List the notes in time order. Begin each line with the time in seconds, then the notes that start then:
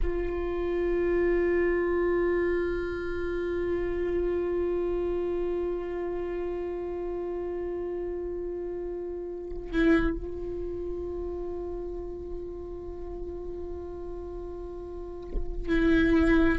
0.03 F4
9.72 E4
10.17 F4
15.68 E4